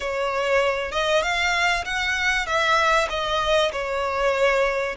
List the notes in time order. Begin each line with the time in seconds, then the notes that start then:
0.00 C#5
0.91 D#5
1.22 F5
1.84 F#5
2.46 E5
3.09 D#5
3.72 C#5